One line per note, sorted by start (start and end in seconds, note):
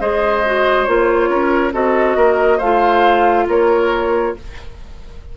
0.00 0.87 G#3
0.00 0.43 G#4
0.00 1.30 C5
0.00 0.84 D#5
0.46 0.87 F#4
0.84 1.29 A#3
0.84 1.72 F4
0.84 1.71 C#5
1.29 1.72 C#4
1.29 1.73 A#4
1.72 2.16 C4
1.72 2.59 F#4
1.72 2.17 A4
1.72 2.60 D#5
2.16 2.60 A#3
2.16 2.57 A#4
2.57 3.47 A3
2.57 4.37 F4
2.57 3.44 C5
2.57 3.47 F5
3.47 4.34 A#3
3.47 4.36 A#4
3.47 4.36 C#5